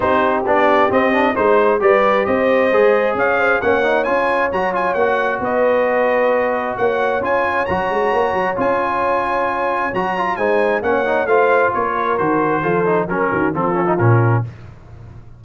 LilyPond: <<
  \new Staff \with { instrumentName = "trumpet" } { \time 4/4 \tempo 4 = 133 c''4 d''4 dis''4 c''4 | d''4 dis''2 f''4 | fis''4 gis''4 ais''8 gis''8 fis''4 | dis''2. fis''4 |
gis''4 ais''2 gis''4~ | gis''2 ais''4 gis''4 | fis''4 f''4 cis''4 c''4~ | c''4 ais'4 a'4 ais'4 | }
  \new Staff \with { instrumentName = "horn" } { \time 4/4 g'2. c''4 | b'4 c''2 cis''8 c''8 | cis''1 | b'2. cis''4~ |
cis''1~ | cis''2. c''4 | cis''4 c''4 ais'2 | a'4 ais'8 fis'8 f'2 | }
  \new Staff \with { instrumentName = "trombone" } { \time 4/4 dis'4 d'4 c'8 d'8 dis'4 | g'2 gis'2 | cis'8 dis'8 f'4 fis'8 f'8 fis'4~ | fis'1 |
f'4 fis'2 f'4~ | f'2 fis'8 f'8 dis'4 | cis'8 dis'8 f'2 fis'4 | f'8 dis'8 cis'4 c'8 cis'16 dis'16 cis'4 | }
  \new Staff \with { instrumentName = "tuba" } { \time 4/4 c'4 b4 c'4 gis4 | g4 c'4 gis4 cis'4 | ais4 cis'4 fis4 ais4 | b2. ais4 |
cis'4 fis8 gis8 ais8 fis8 cis'4~ | cis'2 fis4 gis4 | ais4 a4 ais4 dis4 | f4 fis8 dis8 f4 ais,4 | }
>>